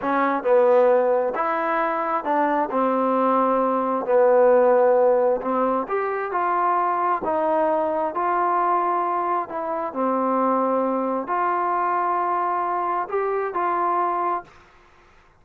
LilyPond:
\new Staff \with { instrumentName = "trombone" } { \time 4/4 \tempo 4 = 133 cis'4 b2 e'4~ | e'4 d'4 c'2~ | c'4 b2. | c'4 g'4 f'2 |
dis'2 f'2~ | f'4 e'4 c'2~ | c'4 f'2.~ | f'4 g'4 f'2 | }